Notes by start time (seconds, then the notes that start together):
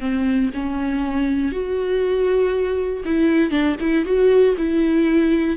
0.00 C4
0.54 C#4
1.52 F#4
3.05 E4
3.51 D4
3.81 E4
4.05 F#4
4.58 E4